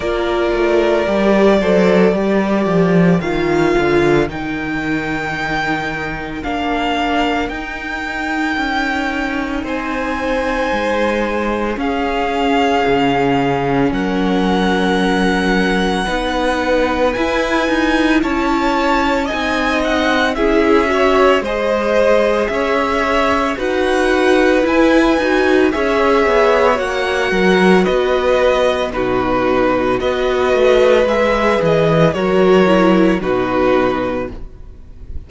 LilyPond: <<
  \new Staff \with { instrumentName = "violin" } { \time 4/4 \tempo 4 = 56 d''2. f''4 | g''2 f''4 g''4~ | g''4 gis''2 f''4~ | f''4 fis''2. |
gis''4 a''4 gis''8 fis''8 e''4 | dis''4 e''4 fis''4 gis''4 | e''4 fis''4 dis''4 b'4 | dis''4 e''8 dis''8 cis''4 b'4 | }
  \new Staff \with { instrumentName = "violin" } { \time 4/4 ais'4. c''8 ais'2~ | ais'1~ | ais'4 c''2 gis'4~ | gis'4 ais'2 b'4~ |
b'4 cis''4 dis''4 gis'8 cis''8 | c''4 cis''4 b'2 | cis''4. ais'8 b'4 fis'4 | b'2 ais'4 fis'4 | }
  \new Staff \with { instrumentName = "viola" } { \time 4/4 f'4 g'8 a'8 g'4 f'4 | dis'2 d'4 dis'4~ | dis'2. cis'4~ | cis'2. dis'4 |
e'2 dis'4 e'8 fis'8 | gis'2 fis'4 e'8 fis'8 | gis'4 fis'2 dis'4 | fis'4 gis'4 fis'8 e'8 dis'4 | }
  \new Staff \with { instrumentName = "cello" } { \time 4/4 ais8 a8 g8 fis8 g8 f8 dis8 d8 | dis2 ais4 dis'4 | cis'4 c'4 gis4 cis'4 | cis4 fis2 b4 |
e'8 dis'8 cis'4 c'4 cis'4 | gis4 cis'4 dis'4 e'8 dis'8 | cis'8 b8 ais8 fis8 b4 b,4 | b8 a8 gis8 e8 fis4 b,4 | }
>>